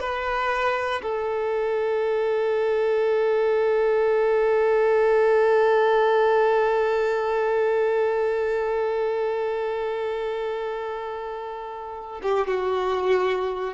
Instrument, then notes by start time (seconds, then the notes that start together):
violin
0.00 B4
1.02 A4
12.23 G4
12.48 F#4